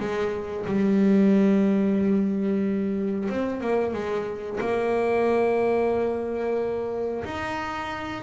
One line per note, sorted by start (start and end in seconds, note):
0.00 0.66 G#3
0.66 3.30 G3
3.30 3.61 C4
3.61 3.94 A#3
3.94 4.59 G#3
4.61 7.24 A#3
7.25 8.23 D#4